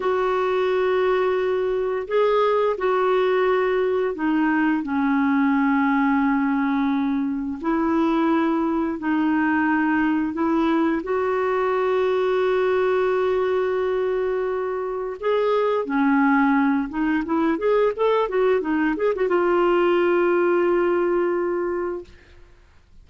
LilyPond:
\new Staff \with { instrumentName = "clarinet" } { \time 4/4 \tempo 4 = 87 fis'2. gis'4 | fis'2 dis'4 cis'4~ | cis'2. e'4~ | e'4 dis'2 e'4 |
fis'1~ | fis'2 gis'4 cis'4~ | cis'8 dis'8 e'8 gis'8 a'8 fis'8 dis'8 gis'16 fis'16 | f'1 | }